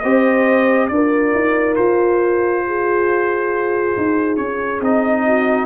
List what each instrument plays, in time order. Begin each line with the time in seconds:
0.00 tuba C4, trombone G4, horn C5, trumpet D#5
0.88 tuba D4, trombone F4, horn A#4, trumpet D5
1.34 tuba D#4
1.76 tuba F4, trumpet C5
2.67 horn G#4
3.97 tuba D#4
4.37 tuba C#4, trumpet C#5
4.80 tuba C4, trombone D#4, trumpet D#5
5.26 horn F#4